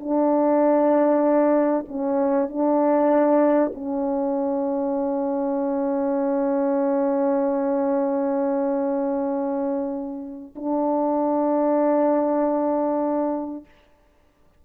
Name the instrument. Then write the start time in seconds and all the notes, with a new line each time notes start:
horn
0.00 D4
1.88 C#4
2.49 D4
3.74 C#4
10.55 D4